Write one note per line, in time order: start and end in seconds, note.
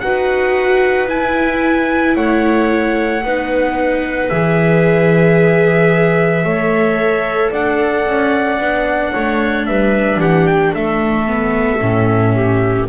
0.00 1.09 D#4
0.00 1.07 F#4
0.00 2.16 B4
0.00 1.07 F#5
1.07 3.22 E4
1.07 2.16 E4
1.07 2.16 G#5
2.16 3.23 A3
2.16 3.23 C#5
2.16 4.29 F#5
3.23 4.30 B3
3.23 4.31 D#4
3.23 6.46 B4
4.29 6.44 E3
4.29 6.45 G#4
4.29 7.51 E5
6.44 7.51 A3
6.44 8.59 A4
6.44 7.51 C#5
7.51 8.06 D4
7.51 9.12 D5
7.51 9.67 F#5
8.06 8.59 C#4
8.59 9.13 B3
8.59 11.27 D4
9.12 9.68 A3
9.12 9.65 C#5
9.67 10.17 G3
9.67 10.20 B4
9.67 10.20 E5
10.17 10.70 E3
10.17 10.74 G4
10.17 10.47 F#5
10.47 10.74 G5
10.74 11.81 A3
10.74 12.34 A4
10.74 12.89 E5
11.27 11.80 B3
11.81 12.88 A2
11.81 12.88 C#4
12.35 12.88 G4